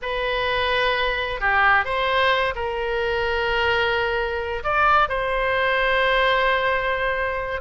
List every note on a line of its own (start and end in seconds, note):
0.02 1.40 B4
1.40 1.85 G4
1.85 2.54 C5
2.55 4.63 A#4
4.63 5.08 D5
5.08 7.61 C5